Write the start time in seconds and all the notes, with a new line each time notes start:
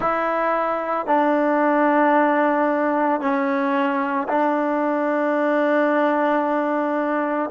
0.00 E4
1.06 D4
3.20 C#4
4.28 D4